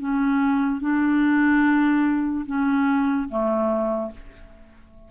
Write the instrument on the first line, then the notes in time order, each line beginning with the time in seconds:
clarinet
0.00 C#4
0.81 D4
2.47 C#4
3.29 A3